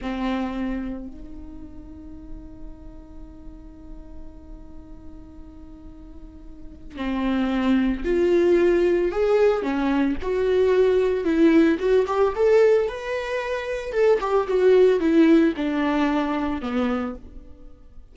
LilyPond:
\new Staff \with { instrumentName = "viola" } { \time 4/4 \tempo 4 = 112 c'2 dis'2~ | dis'1~ | dis'1~ | dis'4 c'2 f'4~ |
f'4 gis'4 cis'4 fis'4~ | fis'4 e'4 fis'8 g'8 a'4 | b'2 a'8 g'8 fis'4 | e'4 d'2 b4 | }